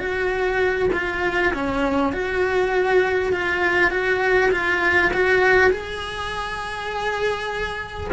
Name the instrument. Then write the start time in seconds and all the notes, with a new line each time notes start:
cello
0.00 F#4
0.94 F4
1.54 C#4
2.13 F#4
3.33 F4
3.91 F#4
4.52 F4
5.14 F#4
5.71 G#4